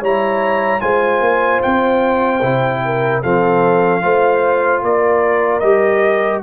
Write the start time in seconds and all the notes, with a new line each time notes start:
0.00 G3 E4 C#5 A#5
0.81 G#3 F4 C5 G#5
1.21 A#3
1.62 C4 G5
2.42 C3 E4
2.85 A#4
3.23 F3 C4 A4 F5
4.02 A3 F4 C5
4.82 A#3 A#4 D5
5.60 G3 G4 D#5